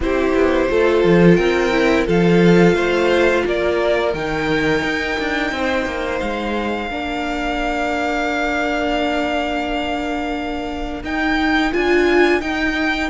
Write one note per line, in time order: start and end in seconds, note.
0.00 0.33 C4
0.00 0.69 E4
0.00 0.70 G4
0.00 1.35 C5
0.34 0.69 B3
0.69 1.04 A3
0.69 1.71 F4
0.69 1.37 A4
1.04 1.37 F3
1.35 2.06 C4
1.35 2.06 A#4
1.35 2.04 G5
1.71 2.05 E4
2.06 2.74 F3
2.06 4.13 F4
2.06 2.75 A4
2.06 3.47 F5
2.74 3.43 A3
2.74 3.44 C5
3.45 4.13 A#3
3.45 5.53 A#4
3.45 4.14 D5
4.13 4.82 D#3
4.13 6.90 D#4
4.13 6.19 G5
4.83 5.18 D#4
5.19 5.51 D4
5.51 5.85 C4
5.51 6.90 C5
5.85 6.20 A#3
6.19 6.90 G#3
6.19 11.02 F5
6.90 11.03 A#3
6.90 11.03 D4
6.90 13.09 A#4
11.03 11.72 D#4
11.03 11.73 G5
11.72 12.41 D4
11.72 12.41 F4
11.72 12.41 G#5
12.41 13.09 D#4
12.41 13.09 G5